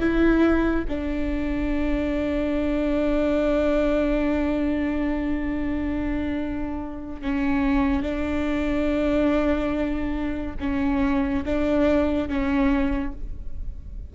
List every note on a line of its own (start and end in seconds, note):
0.00 0.85 E4
0.88 7.21 D4
7.21 8.02 C#4
8.02 10.56 D4
10.60 11.44 C#4
11.45 12.28 D4
12.28 13.13 C#4